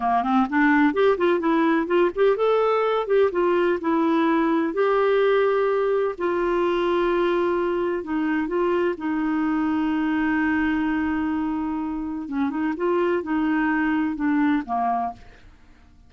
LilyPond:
\new Staff \with { instrumentName = "clarinet" } { \time 4/4 \tempo 4 = 127 ais8 c'8 d'4 g'8 f'8 e'4 | f'8 g'8 a'4. g'8 f'4 | e'2 g'2~ | g'4 f'2.~ |
f'4 dis'4 f'4 dis'4~ | dis'1~ | dis'2 cis'8 dis'8 f'4 | dis'2 d'4 ais4 | }